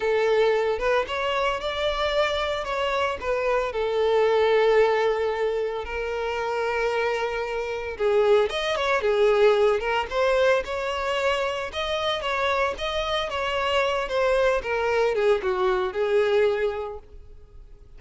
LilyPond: \new Staff \with { instrumentName = "violin" } { \time 4/4 \tempo 4 = 113 a'4. b'8 cis''4 d''4~ | d''4 cis''4 b'4 a'4~ | a'2. ais'4~ | ais'2. gis'4 |
dis''8 cis''8 gis'4. ais'8 c''4 | cis''2 dis''4 cis''4 | dis''4 cis''4. c''4 ais'8~ | ais'8 gis'8 fis'4 gis'2 | }